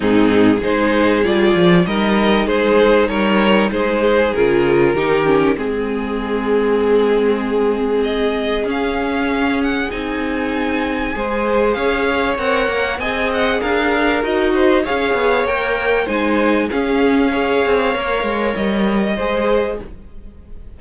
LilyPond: <<
  \new Staff \with { instrumentName = "violin" } { \time 4/4 \tempo 4 = 97 gis'4 c''4 d''4 dis''4 | c''4 cis''4 c''4 ais'4~ | ais'4 gis'2.~ | gis'4 dis''4 f''4. fis''8 |
gis''2. f''4 | fis''4 gis''8 fis''8 f''4 dis''4 | f''4 g''4 gis''4 f''4~ | f''2 dis''2 | }
  \new Staff \with { instrumentName = "violin" } { \time 4/4 dis'4 gis'2 ais'4 | gis'4 ais'4 gis'2 | g'4 gis'2.~ | gis'1~ |
gis'2 c''4 cis''4~ | cis''4 dis''4 ais'4. c''8 | cis''2 c''4 gis'4 | cis''2. c''4 | }
  \new Staff \with { instrumentName = "viola" } { \time 4/4 c'4 dis'4 f'4 dis'4~ | dis'2. f'4 | dis'8 cis'8 c'2.~ | c'2 cis'2 |
dis'2 gis'2 | ais'4 gis'2 fis'4 | gis'4 ais'4 dis'4 cis'4 | gis'4 ais'2 gis'4 | }
  \new Staff \with { instrumentName = "cello" } { \time 4/4 gis,4 gis4 g8 f8 g4 | gis4 g4 gis4 cis4 | dis4 gis2.~ | gis2 cis'2 |
c'2 gis4 cis'4 | c'8 ais8 c'4 d'4 dis'4 | cis'8 b8 ais4 gis4 cis'4~ | cis'8 c'8 ais8 gis8 g4 gis4 | }
>>